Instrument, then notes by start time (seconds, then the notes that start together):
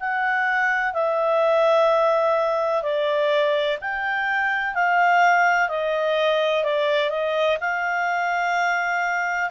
clarinet
0.00 F#5
0.94 E5
2.83 D5
3.81 G5
4.74 F5
5.69 D#5
6.64 D5
7.10 D#5
7.60 F5